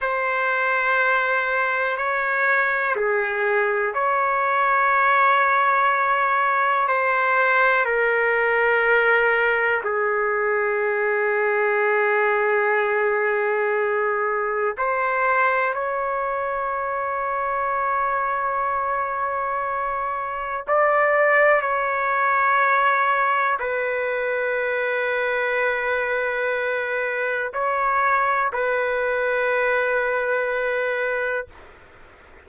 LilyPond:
\new Staff \with { instrumentName = "trumpet" } { \time 4/4 \tempo 4 = 61 c''2 cis''4 gis'4 | cis''2. c''4 | ais'2 gis'2~ | gis'2. c''4 |
cis''1~ | cis''4 d''4 cis''2 | b'1 | cis''4 b'2. | }